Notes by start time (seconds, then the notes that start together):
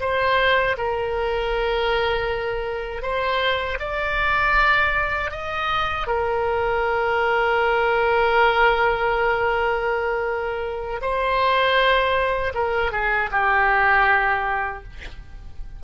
0.00 C5
0.77 A#4
3.02 C5
3.79 D5
5.31 D#5
6.07 A#4
11.01 C5
12.54 A#4
12.91 G#4
13.31 G4